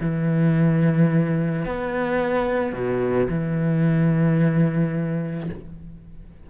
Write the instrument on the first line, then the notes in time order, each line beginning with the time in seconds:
cello
0.00 E3
1.65 B3
2.72 B2
3.29 E3